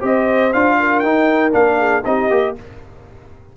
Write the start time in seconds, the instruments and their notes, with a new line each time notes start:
0.00 tuba C4, trombone G4, horn C5, trumpet D#5
0.53 tuba D4, trombone F4, trumpet F5
0.79 horn A#4
0.99 tuba D#4, trombone D#4, trumpet G5
1.52 tuba A#3, trombone D4, trumpet F5
1.78 horn G#4
2.05 tuba C4, trombone D#4, horn G4, trumpet D#5
2.30 tuba A#3, trombone G4